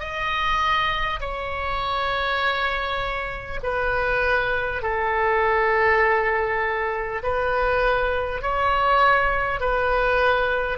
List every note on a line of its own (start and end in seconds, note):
0.00 1.20 D#5
1.21 3.61 C#5
3.63 4.82 B4
4.82 7.22 A4
7.23 8.42 B4
8.42 9.61 C#5
9.61 10.78 B4